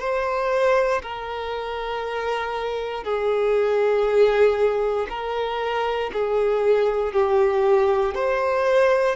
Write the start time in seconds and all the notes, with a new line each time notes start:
0.00 C5
1.03 A#4
3.04 G#4
5.09 A#4
6.13 G#4
7.13 G4
8.15 C5